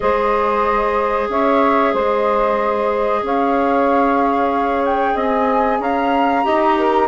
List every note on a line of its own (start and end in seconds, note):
0.00 1.28 G#3
0.00 6.43 G#4
0.00 1.30 C5
0.00 1.28 D#5
1.28 1.93 C#4
1.28 1.92 C#5
1.28 1.95 E5
1.92 3.22 G#3
1.92 3.21 C5
1.92 3.25 D#5
3.22 5.15 C#4
3.22 5.14 C#5
3.22 4.85 F5
4.85 5.17 G5
5.14 5.79 C4
5.14 5.78 D#5
5.14 5.81 G#5
5.79 6.44 C#4
5.79 6.45 F5
5.79 7.07 A#5
6.43 7.07 D#4
6.43 7.07 G4
6.43 6.76 D#5
6.76 7.07 A#4